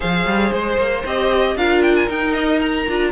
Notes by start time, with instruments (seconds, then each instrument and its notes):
0.00 cello F3, viola G#4, violin C5 F5
0.25 cello G3
0.52 cello G#3, violin C5
0.77 cello A#3
1.05 cello C4, viola G4, violin D#5
1.55 cello D4, viola F4, violin A#4 F5
1.82 violin G5
1.95 violin G#5
2.08 cello D#4, viola D#4, violin G5
2.33 violin D#5
2.60 violin A#5
2.87 cello D4, viola F4